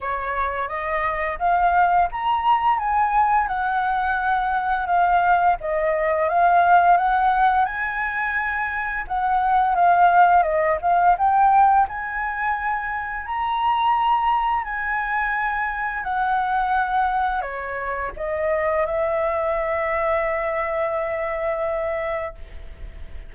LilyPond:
\new Staff \with { instrumentName = "flute" } { \time 4/4 \tempo 4 = 86 cis''4 dis''4 f''4 ais''4 | gis''4 fis''2 f''4 | dis''4 f''4 fis''4 gis''4~ | gis''4 fis''4 f''4 dis''8 f''8 |
g''4 gis''2 ais''4~ | ais''4 gis''2 fis''4~ | fis''4 cis''4 dis''4 e''4~ | e''1 | }